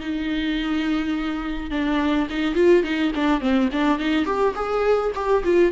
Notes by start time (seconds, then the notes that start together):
0.00 D#4
1.70 D4
2.30 D#4
2.54 F4
2.83 D#4
3.15 D4
3.40 C4
3.72 D4
3.98 D#4
4.25 G4
4.54 G#4
5.15 G4
5.43 F4